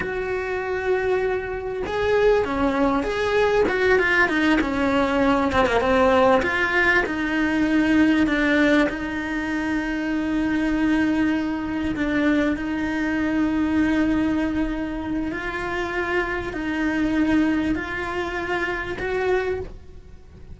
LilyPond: \new Staff \with { instrumentName = "cello" } { \time 4/4 \tempo 4 = 98 fis'2. gis'4 | cis'4 gis'4 fis'8 f'8 dis'8 cis'8~ | cis'4 c'16 ais16 c'4 f'4 dis'8~ | dis'4. d'4 dis'4.~ |
dis'2.~ dis'8 d'8~ | d'8 dis'2.~ dis'8~ | dis'4 f'2 dis'4~ | dis'4 f'2 fis'4 | }